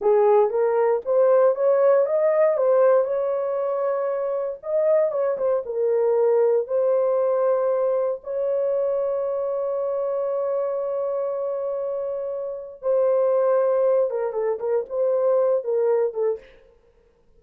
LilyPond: \new Staff \with { instrumentName = "horn" } { \time 4/4 \tempo 4 = 117 gis'4 ais'4 c''4 cis''4 | dis''4 c''4 cis''2~ | cis''4 dis''4 cis''8 c''8 ais'4~ | ais'4 c''2. |
cis''1~ | cis''1~ | cis''4 c''2~ c''8 ais'8 | a'8 ais'8 c''4. ais'4 a'8 | }